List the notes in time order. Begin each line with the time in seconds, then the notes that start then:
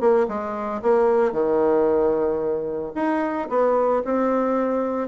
0.00 A#3
0.28 G#3
0.82 A#3
1.32 D#3
2.95 D#4
3.49 B3
4.05 C4